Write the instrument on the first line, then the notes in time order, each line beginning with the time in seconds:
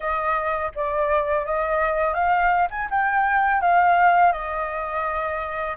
flute
0.00 D#5
0.75 D5
1.45 D#5
2.13 F5
2.70 G#5
2.90 G5
3.61 F5
4.32 D#5